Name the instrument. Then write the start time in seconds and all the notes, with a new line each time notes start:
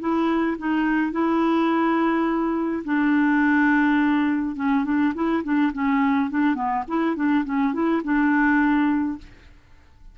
clarinet
0.00 E4
0.58 D#4
1.12 E4
2.84 D4
4.56 C#4
4.85 D4
5.15 E4
5.44 D4
5.73 C#4
6.30 D4
6.55 B3
6.88 E4
7.16 D4
7.45 C#4
7.74 E4
8.04 D4